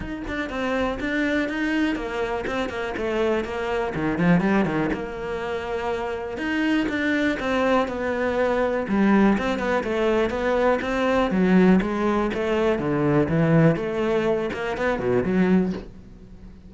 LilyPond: \new Staff \with { instrumentName = "cello" } { \time 4/4 \tempo 4 = 122 dis'8 d'8 c'4 d'4 dis'4 | ais4 c'8 ais8 a4 ais4 | dis8 f8 g8 dis8 ais2~ | ais4 dis'4 d'4 c'4 |
b2 g4 c'8 b8 | a4 b4 c'4 fis4 | gis4 a4 d4 e4 | a4. ais8 b8 b,8 fis4 | }